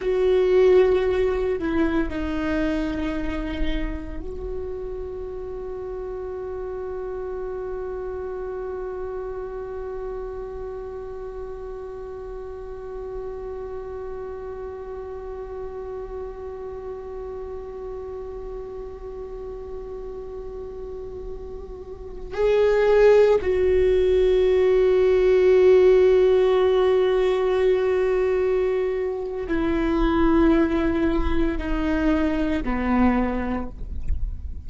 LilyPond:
\new Staff \with { instrumentName = "viola" } { \time 4/4 \tempo 4 = 57 fis'4. e'8 dis'2 | fis'1~ | fis'1~ | fis'1~ |
fis'1~ | fis'4~ fis'16 gis'4 fis'4.~ fis'16~ | fis'1 | e'2 dis'4 b4 | }